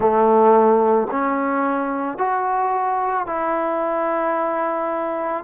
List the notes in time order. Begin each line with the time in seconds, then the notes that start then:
0.00 A3
1.10 C#4
2.18 F#4
3.26 E4